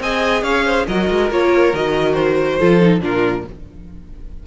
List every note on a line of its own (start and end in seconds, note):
0.00 0.42 C4
0.00 0.88 G#4
0.00 0.43 D#5
0.00 0.43 G#5
0.42 0.85 C#4
0.42 0.65 C#5
0.42 0.86 F5
0.65 0.87 C5
0.87 1.09 F#3
0.87 1.31 F#4
0.87 2.58 A#4
0.87 1.31 D#5
1.10 1.31 G#3
1.31 1.73 A#3
1.31 1.74 F4
1.31 1.75 C#5
1.73 2.59 D#3
1.73 2.60 F#4
1.73 2.14 D#5
2.14 3.00 C5
2.58 3.01 F3
2.58 2.81 F4
2.58 3.01 A4
2.81 3.01 D#4
3.01 3.44 A#2
3.01 3.44 D4
3.01 3.47 F4
3.01 3.47 A#4